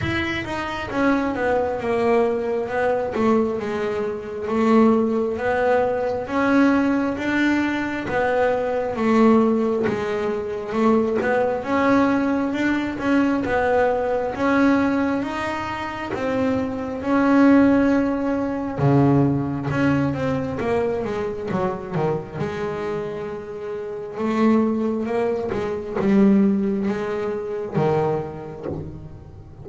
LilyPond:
\new Staff \with { instrumentName = "double bass" } { \time 4/4 \tempo 4 = 67 e'8 dis'8 cis'8 b8 ais4 b8 a8 | gis4 a4 b4 cis'4 | d'4 b4 a4 gis4 | a8 b8 cis'4 d'8 cis'8 b4 |
cis'4 dis'4 c'4 cis'4~ | cis'4 cis4 cis'8 c'8 ais8 gis8 | fis8 dis8 gis2 a4 | ais8 gis8 g4 gis4 dis4 | }